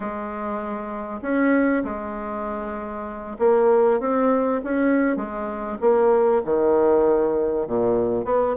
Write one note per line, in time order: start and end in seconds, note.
0.00 1.20 G#3
1.22 1.83 C#4
1.84 3.37 G#3
3.38 4.00 A#3
4.00 4.61 C4
4.64 5.16 C#4
5.16 5.77 G#3
5.81 6.42 A#3
6.44 7.67 D#3
7.67 8.25 A#2
8.25 8.55 B3